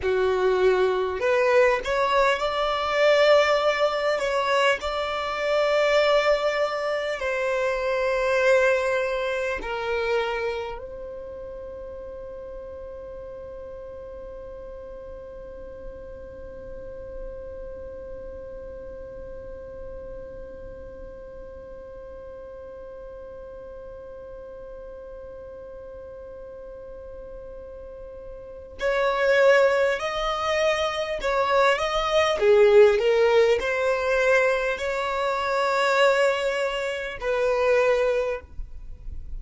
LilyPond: \new Staff \with { instrumentName = "violin" } { \time 4/4 \tempo 4 = 50 fis'4 b'8 cis''8 d''4. cis''8 | d''2 c''2 | ais'4 c''2.~ | c''1~ |
c''1~ | c''1 | cis''4 dis''4 cis''8 dis''8 gis'8 ais'8 | c''4 cis''2 b'4 | }